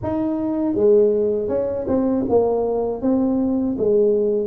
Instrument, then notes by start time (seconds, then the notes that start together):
tuba
0.02 D#4
0.74 G#3
1.48 C#4
1.87 C4
2.29 A#3
3.01 C4
3.78 G#3